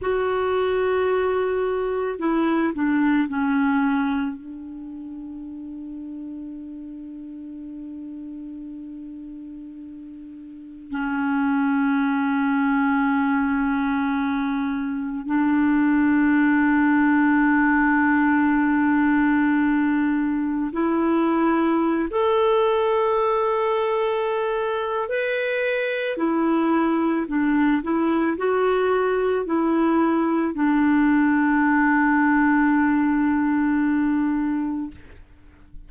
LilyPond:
\new Staff \with { instrumentName = "clarinet" } { \time 4/4 \tempo 4 = 55 fis'2 e'8 d'8 cis'4 | d'1~ | d'2 cis'2~ | cis'2 d'2~ |
d'2. e'4~ | e'16 a'2~ a'8. b'4 | e'4 d'8 e'8 fis'4 e'4 | d'1 | }